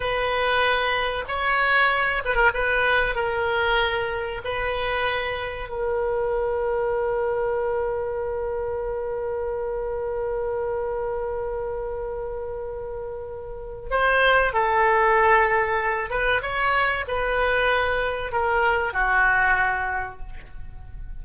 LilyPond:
\new Staff \with { instrumentName = "oboe" } { \time 4/4 \tempo 4 = 95 b'2 cis''4. b'16 ais'16 | b'4 ais'2 b'4~ | b'4 ais'2.~ | ais'1~ |
ais'1~ | ais'2 c''4 a'4~ | a'4. b'8 cis''4 b'4~ | b'4 ais'4 fis'2 | }